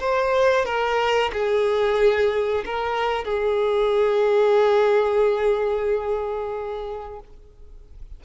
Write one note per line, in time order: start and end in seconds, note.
0.00 0.65 C5
0.65 1.31 A#4
1.33 2.65 G#4
2.65 3.24 A#4
3.24 7.20 G#4